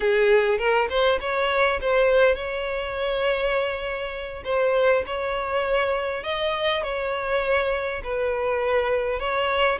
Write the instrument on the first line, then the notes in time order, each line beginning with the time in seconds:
violin
0.00 G#4
0.58 A#4
0.89 C5
1.20 C#5
1.81 C5
2.35 C#5
4.44 C5
5.06 C#5
6.23 D#5
6.83 C#5
8.03 B4
9.19 C#5